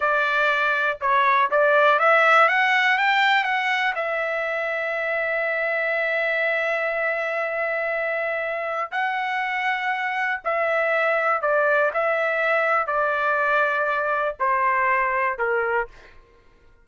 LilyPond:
\new Staff \with { instrumentName = "trumpet" } { \time 4/4 \tempo 4 = 121 d''2 cis''4 d''4 | e''4 fis''4 g''4 fis''4 | e''1~ | e''1~ |
e''2 fis''2~ | fis''4 e''2 d''4 | e''2 d''2~ | d''4 c''2 ais'4 | }